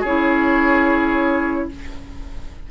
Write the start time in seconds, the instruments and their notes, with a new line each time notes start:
0.00 bassoon C#4, clarinet E4, oboe G#4, flute C#5